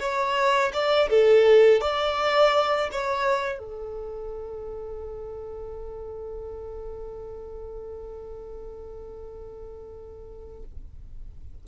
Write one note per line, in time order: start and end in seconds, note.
0.00 0.72 C#5
0.74 1.10 D5
1.10 1.81 A4
1.81 2.90 D5
2.92 3.59 C#5
3.59 10.64 A4